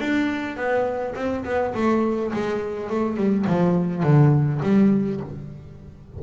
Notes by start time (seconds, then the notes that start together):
0.00 D4
0.56 B3
1.15 C4
1.44 B3
1.74 A3
2.33 G#3
2.90 A3
3.16 G3
3.46 F3
4.03 D3
4.62 G3